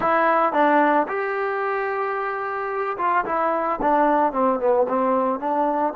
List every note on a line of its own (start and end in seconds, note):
0.00 0.52 E4
0.52 1.06 D4
1.08 2.97 G4
2.97 3.24 F4
3.25 3.79 E4
3.81 4.32 D4
4.32 4.59 C4
4.59 4.86 B3
4.88 5.39 C4
5.39 5.93 D4